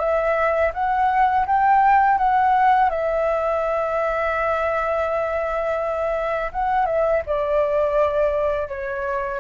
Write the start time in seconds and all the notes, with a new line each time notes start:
0.00 E5
0.74 F#5
1.47 G5
2.19 F#5
2.90 E5
6.53 F#5
6.86 E5
7.27 D5
8.69 C#5